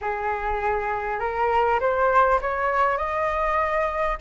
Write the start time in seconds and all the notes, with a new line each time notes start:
0.01 G#4
1.19 A#4
1.80 C5
2.41 C#5
2.97 D#5